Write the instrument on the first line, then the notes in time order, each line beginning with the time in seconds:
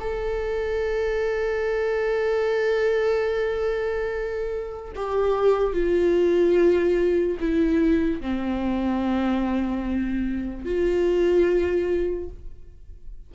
viola
0.00 A4
4.96 G4
5.73 F4
7.40 E4
8.21 C4
10.65 F4